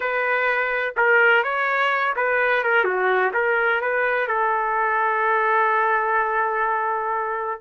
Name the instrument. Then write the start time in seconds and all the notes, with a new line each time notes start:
trumpet
0.00 B4
0.97 A#4
1.43 C#5
2.16 B4
2.63 A#4
2.84 F#4
3.33 A#4
3.81 B4
4.27 A4